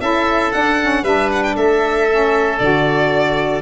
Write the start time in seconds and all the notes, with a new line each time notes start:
0.00 C#4 E4 A4 E5
0.52 D4 F#5
0.81 C#4
1.03 G3 D4 B4 E5
1.31 F#5
1.42 G5
1.55 A3 A4 E5
2.10 C#4
2.58 D3 F#4 D5